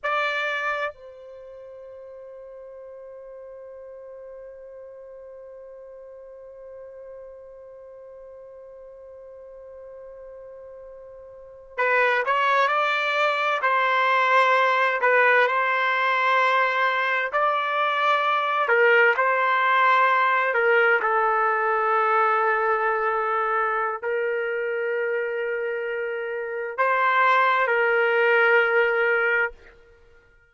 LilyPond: \new Staff \with { instrumentName = "trumpet" } { \time 4/4 \tempo 4 = 65 d''4 c''2.~ | c''1~ | c''1~ | c''8. b'8 cis''8 d''4 c''4~ c''16~ |
c''16 b'8 c''2 d''4~ d''16~ | d''16 ais'8 c''4. ais'8 a'4~ a'16~ | a'2 ais'2~ | ais'4 c''4 ais'2 | }